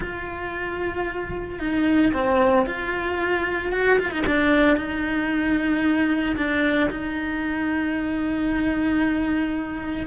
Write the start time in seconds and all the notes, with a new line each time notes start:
0.00 F4
1.59 D#4
2.13 C4
2.65 F4
3.72 F#4
3.98 F4
4.10 D#4
4.26 D4
4.76 D#4
6.36 D4
6.90 D#4